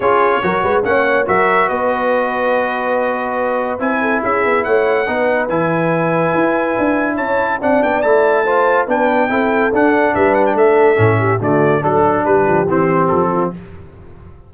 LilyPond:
<<
  \new Staff \with { instrumentName = "trumpet" } { \time 4/4 \tempo 4 = 142 cis''2 fis''4 e''4 | dis''1~ | dis''4 gis''4 e''4 fis''4~ | fis''4 gis''2.~ |
gis''4 a''4 fis''8 g''8 a''4~ | a''4 g''2 fis''4 | e''8 fis''16 g''16 e''2 d''4 | a'4 b'4 c''4 a'4 | }
  \new Staff \with { instrumentName = "horn" } { \time 4/4 gis'4 ais'8 b'8 cis''4 ais'4 | b'1~ | b'4. a'8 gis'4 cis''4 | b'1~ |
b'4 cis''4 d''2 | c''4 b'4 a'2 | b'4 a'4. g'8 fis'4 | a'4 g'2~ g'8 f'8 | }
  \new Staff \with { instrumentName = "trombone" } { \time 4/4 f'4 fis'4 cis'4 fis'4~ | fis'1~ | fis'4 e'2. | dis'4 e'2.~ |
e'2 d'4 e'4 | f'4 d'4 e'4 d'4~ | d'2 cis'4 a4 | d'2 c'2 | }
  \new Staff \with { instrumentName = "tuba" } { \time 4/4 cis'4 fis8 gis8 ais4 fis4 | b1~ | b4 c'4 cis'8 b8 a4 | b4 e2 e'4 |
d'4 cis'4 c'8 b8 a4~ | a4 b4 c'4 d'4 | g4 a4 a,4 d4 | fis4 g8 f8 e4 f4 | }
>>